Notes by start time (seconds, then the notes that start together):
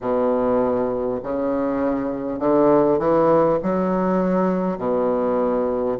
0.01 B2
1.22 C#3
2.39 D3
2.98 E3
3.63 F#3
4.77 B2